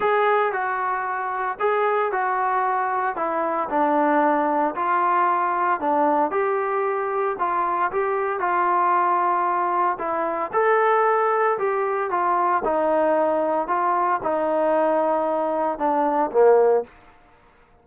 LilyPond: \new Staff \with { instrumentName = "trombone" } { \time 4/4 \tempo 4 = 114 gis'4 fis'2 gis'4 | fis'2 e'4 d'4~ | d'4 f'2 d'4 | g'2 f'4 g'4 |
f'2. e'4 | a'2 g'4 f'4 | dis'2 f'4 dis'4~ | dis'2 d'4 ais4 | }